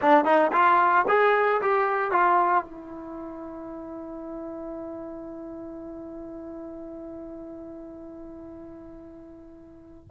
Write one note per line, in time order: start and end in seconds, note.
0.01 0.24 D4
0.24 0.51 D#4
0.52 1.05 F4
1.08 1.61 G#4
1.61 2.11 G4
2.11 2.64 F4
2.64 10.07 E4